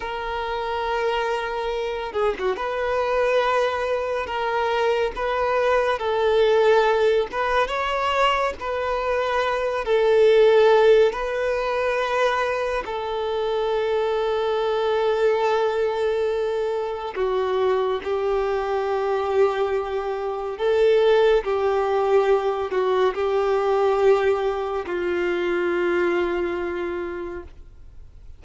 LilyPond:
\new Staff \with { instrumentName = "violin" } { \time 4/4 \tempo 4 = 70 ais'2~ ais'8 gis'16 fis'16 b'4~ | b'4 ais'4 b'4 a'4~ | a'8 b'8 cis''4 b'4. a'8~ | a'4 b'2 a'4~ |
a'1 | fis'4 g'2. | a'4 g'4. fis'8 g'4~ | g'4 f'2. | }